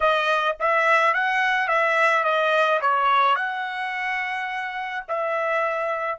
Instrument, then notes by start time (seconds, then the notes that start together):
trumpet
0.00 D#5
0.59 E5
1.13 F#5
1.67 E5
2.24 D#5
2.81 C#5
3.35 F#5
5.07 E5